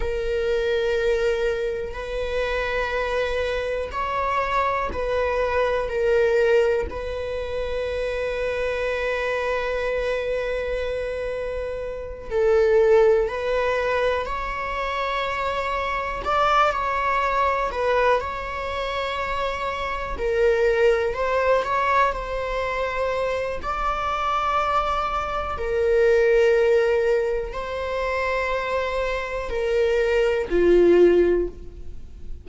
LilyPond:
\new Staff \with { instrumentName = "viola" } { \time 4/4 \tempo 4 = 61 ais'2 b'2 | cis''4 b'4 ais'4 b'4~ | b'1~ | b'8 a'4 b'4 cis''4.~ |
cis''8 d''8 cis''4 b'8 cis''4.~ | cis''8 ais'4 c''8 cis''8 c''4. | d''2 ais'2 | c''2 ais'4 f'4 | }